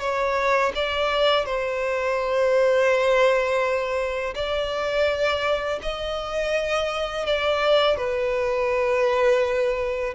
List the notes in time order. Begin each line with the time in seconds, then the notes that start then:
0.00 C#5
0.76 D5
1.46 C5
4.35 D5
5.83 D#5
7.27 D5
7.97 B4